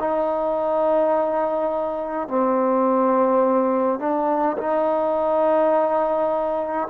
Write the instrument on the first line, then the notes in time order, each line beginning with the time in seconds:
trombone
0.00 D#4
2.28 C4
3.99 D4
4.57 D#4